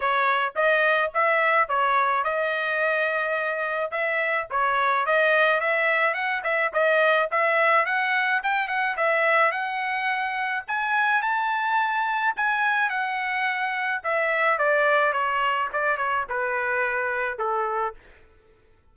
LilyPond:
\new Staff \with { instrumentName = "trumpet" } { \time 4/4 \tempo 4 = 107 cis''4 dis''4 e''4 cis''4 | dis''2. e''4 | cis''4 dis''4 e''4 fis''8 e''8 | dis''4 e''4 fis''4 g''8 fis''8 |
e''4 fis''2 gis''4 | a''2 gis''4 fis''4~ | fis''4 e''4 d''4 cis''4 | d''8 cis''8 b'2 a'4 | }